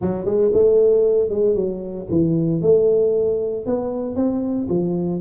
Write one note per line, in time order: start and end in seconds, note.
0.01 0.25 F#3
0.25 0.51 G#3
0.53 1.29 A3
1.29 1.55 G#3
1.55 2.07 F#3
2.10 2.61 E3
2.61 3.65 A3
3.65 4.15 B3
4.15 4.67 C4
4.69 5.21 F3